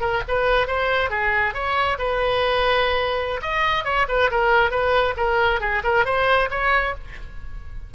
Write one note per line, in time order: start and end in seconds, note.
0.00 0.22 A#4
0.28 0.67 B4
0.67 1.10 C5
1.10 1.54 G#4
1.54 1.97 C#5
1.98 3.40 B4
3.42 3.84 D#5
3.84 4.06 C#5
4.08 4.30 B4
4.30 4.70 A#4
4.70 5.14 B4
5.16 5.60 A#4
5.60 5.82 G#4
5.83 6.05 A#4
6.05 6.49 C5
6.50 6.94 C#5